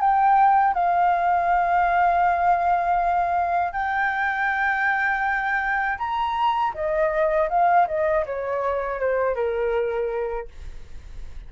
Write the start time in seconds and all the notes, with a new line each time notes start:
0.00 G5
0.74 F5
3.73 G5
5.98 A#5
6.74 D#5
7.49 F5
7.87 D#5
8.26 C#5
9.00 C5
9.35 A#4